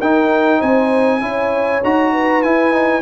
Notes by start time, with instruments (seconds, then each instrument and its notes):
0.00 tuba D#4, trombone D#4, horn A#4, trumpet G5
0.59 tuba C4, horn C5, trumpet G#5
1.21 tuba C#4, trombone E4, horn C#5
1.84 tuba D#4, trombone F#4, trumpet A#5
2.13 horn B4
2.43 tuba E4, trombone E4, trumpet G#5
2.72 trombone D#4